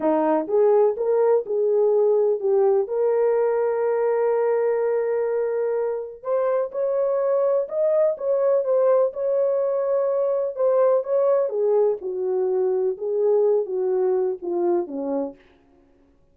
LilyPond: \new Staff \with { instrumentName = "horn" } { \time 4/4 \tempo 4 = 125 dis'4 gis'4 ais'4 gis'4~ | gis'4 g'4 ais'2~ | ais'1~ | ais'4 c''4 cis''2 |
dis''4 cis''4 c''4 cis''4~ | cis''2 c''4 cis''4 | gis'4 fis'2 gis'4~ | gis'8 fis'4. f'4 cis'4 | }